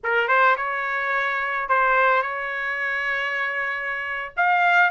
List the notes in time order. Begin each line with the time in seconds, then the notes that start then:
0.03 A#4
0.28 C5
0.56 C#5
1.68 C5
2.22 C#5
4.37 F5